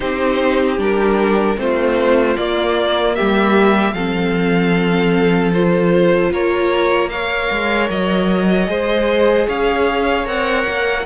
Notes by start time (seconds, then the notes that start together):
0.00 C4 D#4 G4 C5
0.77 G3 D4 A#4
1.56 A3 C4 F4 C5
2.36 A#3 D5
3.15 G3 G4 E5
3.92 F3 C4 A4 F5
5.53 F4 C5
6.30 A#3 A#4 C#5
7.09 A#4 C#5 F5
7.51 G#3
7.89 F#3 D#5
8.66 G#3 G#4 C5
9.47 C#4 C#5 F5
10.24 C4 A#4 F#5
10.67 A#3